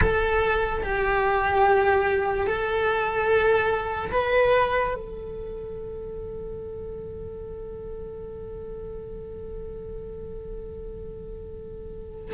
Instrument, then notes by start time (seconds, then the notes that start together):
cello
0.01 A4
0.82 G4
2.47 A4
4.12 B4
4.94 A4